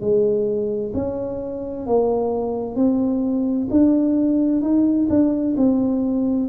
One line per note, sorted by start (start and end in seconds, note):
0.00 0.92 G#3
0.94 1.86 C#4
1.86 2.75 A#3
2.75 3.68 C4
3.70 4.62 D4
4.62 5.08 D#4
5.09 5.56 D4
5.57 6.49 C4